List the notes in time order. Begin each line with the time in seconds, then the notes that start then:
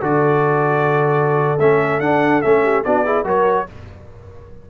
0.00 D3 F#4 A4 D5
1.59 A3 C#4 E5
2.00 D4 F#5
2.41 A3 C#4 E5
2.63 G4
2.84 B3 D4 F#4 D5
3.05 E4 G#4
3.24 F#3 F#4 A#4 C#5